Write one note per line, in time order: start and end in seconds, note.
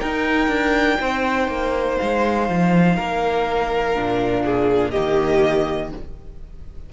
0.00 3.95 D#4
0.00 0.48 D#4
0.00 0.98 A#4
0.00 1.98 G5
0.48 0.98 D4
1.01 1.48 C4
1.01 2.96 C5
1.48 1.98 A#3
1.98 2.50 G#3
1.98 4.91 F5
2.50 2.99 F3
2.96 3.97 A#3
2.96 4.44 A#4
3.95 4.95 A#2
3.95 4.93 D4
4.45 4.91 G#4
4.91 5.93 D#3
4.91 5.92 A#3
4.91 5.90 G4
4.91 5.89 D#5